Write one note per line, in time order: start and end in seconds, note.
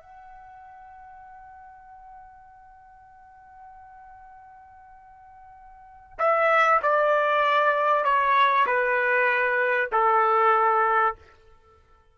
0.00 6.19 F#5
6.19 6.81 E5
6.83 8.04 D5
8.04 8.66 C#5
8.67 9.90 B4
9.92 11.16 A4